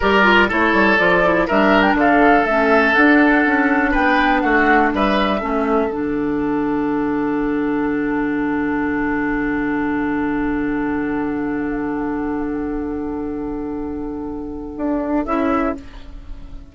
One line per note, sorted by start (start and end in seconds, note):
0.00 0.51 G3
0.00 0.23 G4
0.00 0.48 A#4
0.00 0.50 D5
0.23 0.47 F4
0.48 0.73 A3
0.48 0.98 E4
0.48 1.46 A4
0.48 0.98 C#5
0.73 0.97 G3
0.98 1.48 F3
0.98 1.22 F4
0.98 1.47 D5
1.24 1.48 E4
1.47 1.94 G3
1.47 2.48 D4
1.47 1.96 A#4
1.47 1.82 E5
1.82 1.94 G5
1.94 2.43 D3
1.94 3.91 A4
1.94 2.45 F5
2.45 2.94 A3
2.45 2.95 C#4
2.45 2.93 E5
2.93 5.40 D4
2.93 3.45 D4
2.93 3.91 F#5
3.45 3.94 C#4
3.91 4.43 B3
3.91 4.40 B4
3.91 4.40 G5
4.40 4.92 A3
4.40 4.92 F#4
4.40 4.89 F#5
4.93 5.42 G3
4.93 5.40 B4
4.93 5.93 E5
5.40 5.88 A3
5.40 5.89 C#4
5.40 15.72 A4
5.88 14.73 D3
5.88 15.24 D4
5.88 15.25 F#5
14.77 15.25 D4
15.25 15.75 C#4
15.25 15.75 E4
15.25 15.74 E5